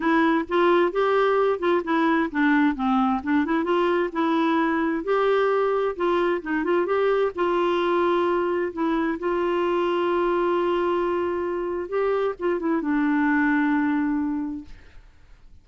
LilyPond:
\new Staff \with { instrumentName = "clarinet" } { \time 4/4 \tempo 4 = 131 e'4 f'4 g'4. f'8 | e'4 d'4 c'4 d'8 e'8 | f'4 e'2 g'4~ | g'4 f'4 dis'8 f'8 g'4 |
f'2. e'4 | f'1~ | f'2 g'4 f'8 e'8 | d'1 | }